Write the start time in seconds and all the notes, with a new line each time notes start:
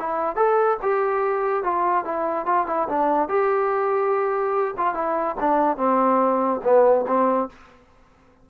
0.00 E4
0.36 A4
0.83 G4
1.64 F4
2.05 E4
2.46 F4
2.67 E4
2.89 D4
3.29 G4
4.78 F4
4.95 E4
5.40 D4
5.77 C4
6.64 B3
7.08 C4